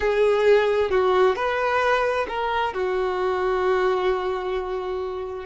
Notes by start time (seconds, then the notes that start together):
0.00 G#4
0.90 F#4
1.35 B4
2.28 A#4
2.73 F#4